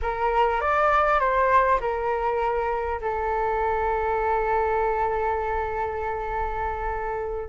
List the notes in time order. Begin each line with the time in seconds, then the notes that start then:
0.02 A#4
0.60 D5
1.19 C5
1.80 A#4
3.01 A4